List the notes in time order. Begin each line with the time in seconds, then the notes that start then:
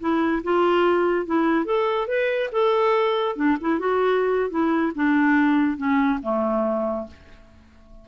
0.00 E4
0.44 F4
1.26 E4
1.65 A4
2.08 B4
2.52 A4
3.36 D4
3.61 E4
3.79 F#4
4.50 E4
4.95 D4
5.77 C#4
6.23 A3